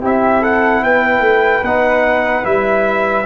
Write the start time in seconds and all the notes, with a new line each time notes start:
0.00 C4 E4 G4 E5
0.40 A4 F#5
0.82 B3 B4 G5
1.20 A3
1.62 B3 D#4 F#5
2.43 G3 E4 E5